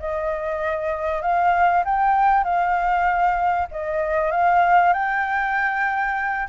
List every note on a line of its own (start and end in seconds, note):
0.00 1.22 D#5
1.22 1.84 F5
1.85 2.45 G5
2.45 3.68 F5
3.72 4.32 D#5
4.32 4.94 F5
4.94 6.49 G5